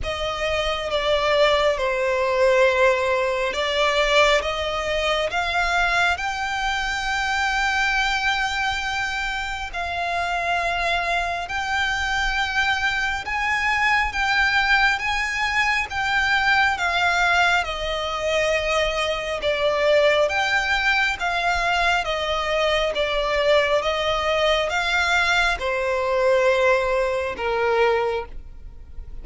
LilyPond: \new Staff \with { instrumentName = "violin" } { \time 4/4 \tempo 4 = 68 dis''4 d''4 c''2 | d''4 dis''4 f''4 g''4~ | g''2. f''4~ | f''4 g''2 gis''4 |
g''4 gis''4 g''4 f''4 | dis''2 d''4 g''4 | f''4 dis''4 d''4 dis''4 | f''4 c''2 ais'4 | }